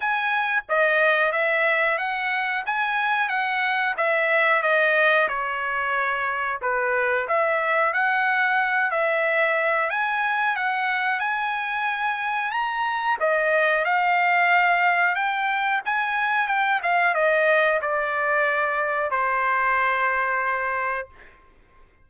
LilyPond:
\new Staff \with { instrumentName = "trumpet" } { \time 4/4 \tempo 4 = 91 gis''4 dis''4 e''4 fis''4 | gis''4 fis''4 e''4 dis''4 | cis''2 b'4 e''4 | fis''4. e''4. gis''4 |
fis''4 gis''2 ais''4 | dis''4 f''2 g''4 | gis''4 g''8 f''8 dis''4 d''4~ | d''4 c''2. | }